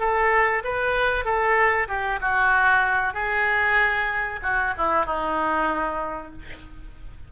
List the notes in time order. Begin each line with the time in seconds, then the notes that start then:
0.00 A4
0.65 B4
1.25 A4
1.89 G4
2.21 F#4
3.14 G#4
4.43 F#4
4.78 E4
5.06 D#4